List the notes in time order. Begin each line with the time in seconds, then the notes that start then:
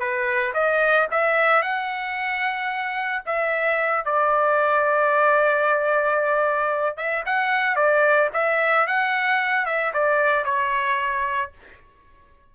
0.00 B4
0.55 D#5
1.12 E5
1.63 F#5
3.27 E5
4.05 D5
6.97 E5
7.26 F#5
7.76 D5
8.34 E5
8.87 F#5
9.66 E5
9.94 D5
10.45 C#5